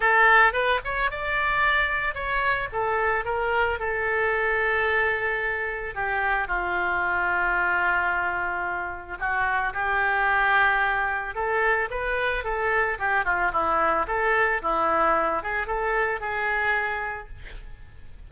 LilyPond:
\new Staff \with { instrumentName = "oboe" } { \time 4/4 \tempo 4 = 111 a'4 b'8 cis''8 d''2 | cis''4 a'4 ais'4 a'4~ | a'2. g'4 | f'1~ |
f'4 fis'4 g'2~ | g'4 a'4 b'4 a'4 | g'8 f'8 e'4 a'4 e'4~ | e'8 gis'8 a'4 gis'2 | }